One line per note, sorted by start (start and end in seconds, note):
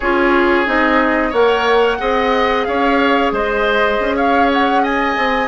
0.00 0.67 C#4
0.00 0.66 F4
0.00 1.30 G#4
0.00 0.67 C#5
0.66 1.32 C4
0.66 1.32 D#4
0.66 1.33 D#5
1.30 1.99 A#3
1.30 1.98 A#4
1.30 1.96 C#5
1.30 2.64 F#5
1.98 2.67 C4
1.98 5.47 G#4
1.98 2.67 D#5
2.64 3.32 C#4
2.64 3.33 C#5
2.64 3.31 F5
3.32 3.98 G#3
3.32 4.16 C5
3.32 4.16 D#5
3.99 5.16 C#4
4.16 4.82 C#5
4.16 4.50 F5
4.53 4.83 F#5
4.82 5.47 D#5
4.82 5.47 G#5
5.17 5.47 C4